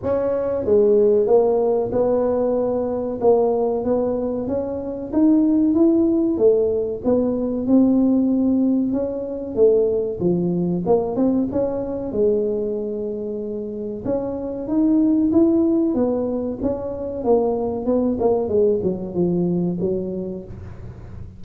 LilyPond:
\new Staff \with { instrumentName = "tuba" } { \time 4/4 \tempo 4 = 94 cis'4 gis4 ais4 b4~ | b4 ais4 b4 cis'4 | dis'4 e'4 a4 b4 | c'2 cis'4 a4 |
f4 ais8 c'8 cis'4 gis4~ | gis2 cis'4 dis'4 | e'4 b4 cis'4 ais4 | b8 ais8 gis8 fis8 f4 fis4 | }